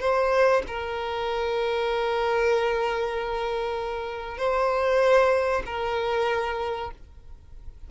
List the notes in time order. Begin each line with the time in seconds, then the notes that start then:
0.00 C5
0.67 A#4
4.38 C5
5.66 A#4